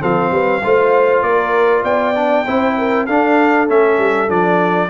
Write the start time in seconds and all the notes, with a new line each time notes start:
0.00 F3 C4 A4 F5
0.31 G3 B4
0.63 A3 F4 C5
1.22 A#3 A#4 D5
1.83 B3 D5 G5
2.15 D4
2.45 C4 E4 C5
2.78 A#4
3.05 D4 A4 F5
3.68 A3 C#4 E5
3.98 G3
4.28 F3 D4 D5